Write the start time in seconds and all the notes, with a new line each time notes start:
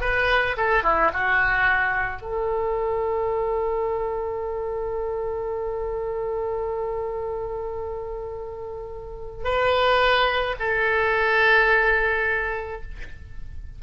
0.00 B4
0.57 A4
0.83 E4
1.13 F#4
2.21 A4
9.44 B4
10.59 A4